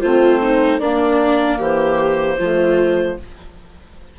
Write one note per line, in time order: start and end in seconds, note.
0.00 0.80 A3
0.00 0.80 C4
0.00 0.40 F4
0.00 0.79 C5
0.42 0.80 D#4
0.79 1.59 A#3
0.79 2.37 A#3
0.79 1.58 D4
0.79 1.58 D5
1.58 2.38 E3
1.58 2.37 G4
1.58 3.19 C5
2.38 3.18 F3
2.38 3.17 A3
2.38 3.17 F4